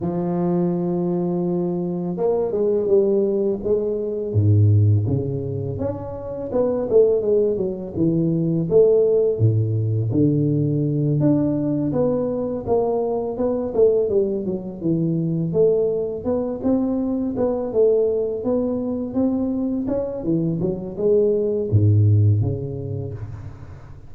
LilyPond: \new Staff \with { instrumentName = "tuba" } { \time 4/4 \tempo 4 = 83 f2. ais8 gis8 | g4 gis4 gis,4 cis4 | cis'4 b8 a8 gis8 fis8 e4 | a4 a,4 d4. d'8~ |
d'8 b4 ais4 b8 a8 g8 | fis8 e4 a4 b8 c'4 | b8 a4 b4 c'4 cis'8 | e8 fis8 gis4 gis,4 cis4 | }